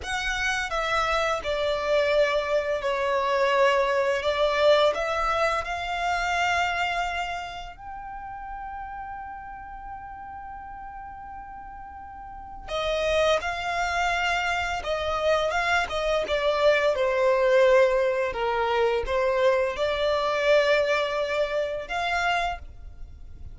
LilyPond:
\new Staff \with { instrumentName = "violin" } { \time 4/4 \tempo 4 = 85 fis''4 e''4 d''2 | cis''2 d''4 e''4 | f''2. g''4~ | g''1~ |
g''2 dis''4 f''4~ | f''4 dis''4 f''8 dis''8 d''4 | c''2 ais'4 c''4 | d''2. f''4 | }